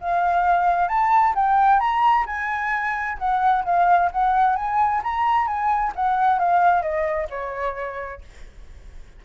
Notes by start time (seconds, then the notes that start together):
0.00 F5
0.88 A5
1.35 G5
1.79 A#5
2.26 G#5
3.18 F#5
3.65 F5
4.12 F#5
4.56 G#5
5.03 A#5
5.46 G#5
5.95 F#5
6.39 F5
6.82 D#5
7.29 C#5